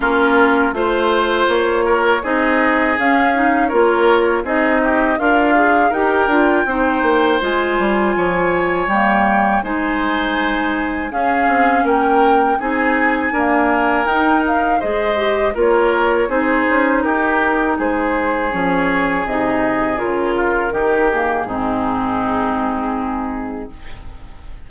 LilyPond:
<<
  \new Staff \with { instrumentName = "flute" } { \time 4/4 \tempo 4 = 81 ais'4 c''4 cis''4 dis''4 | f''4 cis''4 dis''4 f''4 | g''2 gis''2 | g''4 gis''2 f''4 |
g''4 gis''2 g''8 f''8 | dis''4 cis''4 c''4 ais'4 | c''4 cis''4 dis''4 ais'4~ | ais'8 gis'2.~ gis'8 | }
  \new Staff \with { instrumentName = "oboe" } { \time 4/4 f'4 c''4. ais'8 gis'4~ | gis'4 ais'4 gis'8 g'8 f'4 | ais'4 c''2 cis''4~ | cis''4 c''2 gis'4 |
ais'4 gis'4 ais'2 | c''4 ais'4 gis'4 g'4 | gis'2.~ gis'8 f'8 | g'4 dis'2. | }
  \new Staff \with { instrumentName = "clarinet" } { \time 4/4 cis'4 f'2 dis'4 | cis'8 dis'8 f'4 dis'4 ais'8 gis'8 | g'8 f'8 dis'4 f'2 | ais4 dis'2 cis'4~ |
cis'4 dis'4 ais4 dis'4 | gis'8 g'8 f'4 dis'2~ | dis'4 cis'4 dis'4 f'4 | dis'8 ais8 c'2. | }
  \new Staff \with { instrumentName = "bassoon" } { \time 4/4 ais4 a4 ais4 c'4 | cis'4 ais4 c'4 d'4 | dis'8 d'8 c'8 ais8 gis8 g8 f4 | g4 gis2 cis'8 c'8 |
ais4 c'4 d'4 dis'4 | gis4 ais4 c'8 cis'8 dis'4 | gis4 f4 c4 cis4 | dis4 gis,2. | }
>>